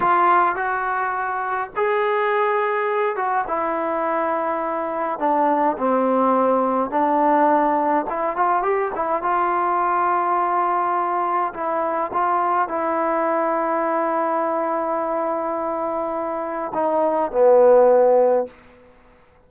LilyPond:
\new Staff \with { instrumentName = "trombone" } { \time 4/4 \tempo 4 = 104 f'4 fis'2 gis'4~ | gis'4. fis'8 e'2~ | e'4 d'4 c'2 | d'2 e'8 f'8 g'8 e'8 |
f'1 | e'4 f'4 e'2~ | e'1~ | e'4 dis'4 b2 | }